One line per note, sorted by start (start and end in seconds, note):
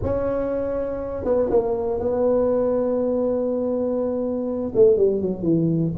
0.02 1.24 C#4
1.24 1.49 B3
1.50 1.99 A#3
1.99 4.72 B3
4.75 4.97 A3
4.97 5.21 G3
5.21 5.42 F#3
5.42 5.92 E3